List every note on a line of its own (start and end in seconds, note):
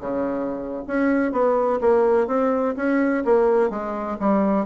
0.00 0.83 C#3
0.87 1.32 C#4
1.32 1.79 B3
1.81 2.27 A#3
2.27 2.75 C4
2.76 3.24 C#4
3.24 3.70 A#3
3.70 4.17 G#3
4.19 4.66 G3